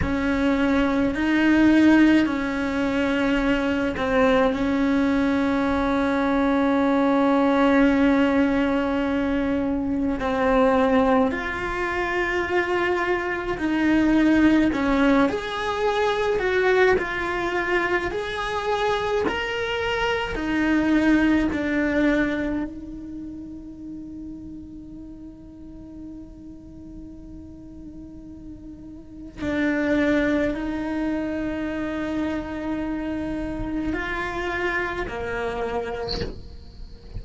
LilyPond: \new Staff \with { instrumentName = "cello" } { \time 4/4 \tempo 4 = 53 cis'4 dis'4 cis'4. c'8 | cis'1~ | cis'4 c'4 f'2 | dis'4 cis'8 gis'4 fis'8 f'4 |
gis'4 ais'4 dis'4 d'4 | dis'1~ | dis'2 d'4 dis'4~ | dis'2 f'4 ais4 | }